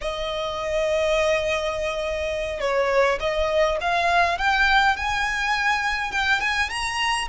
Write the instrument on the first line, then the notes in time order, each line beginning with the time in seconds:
violin
0.01 D#5
2.60 C#5
3.20 D#5
3.80 F5
4.38 G5
4.96 G#5
6.11 G5
6.40 G#5
6.69 A#5